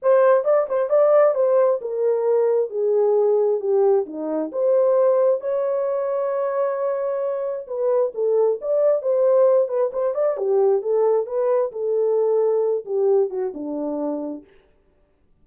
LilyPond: \new Staff \with { instrumentName = "horn" } { \time 4/4 \tempo 4 = 133 c''4 d''8 c''8 d''4 c''4 | ais'2 gis'2 | g'4 dis'4 c''2 | cis''1~ |
cis''4 b'4 a'4 d''4 | c''4. b'8 c''8 d''8 g'4 | a'4 b'4 a'2~ | a'8 g'4 fis'8 d'2 | }